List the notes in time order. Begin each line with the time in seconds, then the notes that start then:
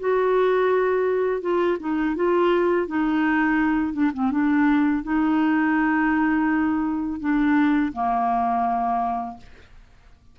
0.00 F#4
1.42 F4
1.80 D#4
2.16 F4
2.88 D#4
3.94 D4
4.14 C4
4.32 D4
5.04 D#4
7.21 D4
7.93 A#3